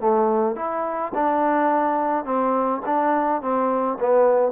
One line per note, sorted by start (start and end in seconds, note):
0.00 0.56 A3
0.56 1.12 E4
1.14 2.25 D4
2.25 2.81 C4
2.86 3.41 D4
3.41 3.98 C4
4.00 4.52 B3